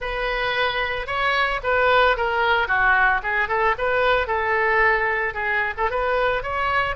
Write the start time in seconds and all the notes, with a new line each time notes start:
0.00 B4
1.06 C#5
1.63 B4
2.16 A#4
2.67 F#4
3.22 G#4
3.48 A4
3.78 B4
4.27 A4
5.34 G#4
5.77 A4
5.90 B4
6.42 C#5